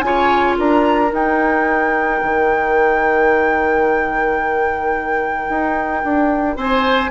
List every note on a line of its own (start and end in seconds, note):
0.00 0.56 C#3
0.00 1.08 F4
0.00 0.58 C#5
0.00 0.55 G#5
0.58 1.12 D4
0.58 6.56 A#4
0.58 1.14 A#5
1.08 7.08 D#4
1.08 2.21 D#4
1.14 6.58 G5
2.22 5.49 D#3
5.49 6.03 D#4
6.04 6.56 D4
6.56 7.11 C4
6.56 7.11 C5
6.56 7.11 G#5